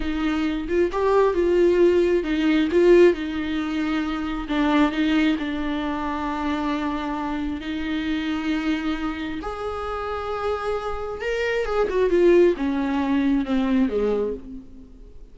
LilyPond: \new Staff \with { instrumentName = "viola" } { \time 4/4 \tempo 4 = 134 dis'4. f'8 g'4 f'4~ | f'4 dis'4 f'4 dis'4~ | dis'2 d'4 dis'4 | d'1~ |
d'4 dis'2.~ | dis'4 gis'2.~ | gis'4 ais'4 gis'8 fis'8 f'4 | cis'2 c'4 gis4 | }